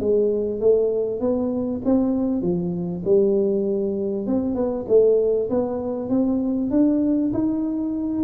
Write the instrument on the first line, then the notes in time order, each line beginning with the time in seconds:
tuba
0.00 G#3
0.60 A3
1.20 B3
1.85 C4
2.42 F3
3.05 G3
4.27 C4
4.55 B3
4.88 A3
5.50 B3
6.10 C4
6.71 D4
7.34 D#4